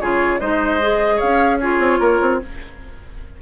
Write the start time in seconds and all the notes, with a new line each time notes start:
0.00 C#3 F4 G#4 C#5
0.40 G#3 D#4 C5 D#5
0.81 G#4
1.16 C#5 F5
1.22 C#4
1.60 F4 G#4 C#5
1.79 C4
2.00 A#3 A#4
2.21 C4